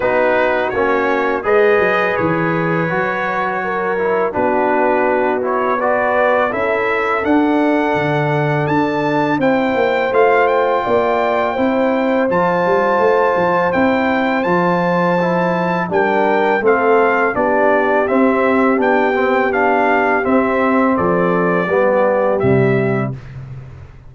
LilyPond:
<<
  \new Staff \with { instrumentName = "trumpet" } { \time 4/4 \tempo 4 = 83 b'4 cis''4 dis''4 cis''4~ | cis''2 b'4. cis''8 | d''4 e''4 fis''2 | a''4 g''4 f''8 g''4.~ |
g''4 a''2 g''4 | a''2 g''4 f''4 | d''4 e''4 g''4 f''4 | e''4 d''2 e''4 | }
  \new Staff \with { instrumentName = "horn" } { \time 4/4 fis'2 b'2~ | b'4 ais'4 fis'2 | b'4 a'2.~ | a'4 c''2 d''4 |
c''1~ | c''2 ais'4 a'4 | g'1~ | g'4 a'4 g'2 | }
  \new Staff \with { instrumentName = "trombone" } { \time 4/4 dis'4 cis'4 gis'2 | fis'4. e'8 d'4. e'8 | fis'4 e'4 d'2~ | d'4 e'4 f'2 |
e'4 f'2 e'4 | f'4 e'4 d'4 c'4 | d'4 c'4 d'8 c'8 d'4 | c'2 b4 g4 | }
  \new Staff \with { instrumentName = "tuba" } { \time 4/4 b4 ais4 gis8 fis8 e4 | fis2 b2~ | b4 cis'4 d'4 d4 | d'4 c'8 ais8 a4 ais4 |
c'4 f8 g8 a8 f8 c'4 | f2 g4 a4 | b4 c'4 b2 | c'4 f4 g4 c4 | }
>>